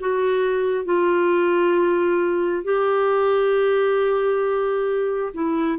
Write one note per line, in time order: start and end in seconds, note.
0.00 0.84 F#4
0.84 2.63 F4
2.64 5.32 G4
5.33 5.78 E4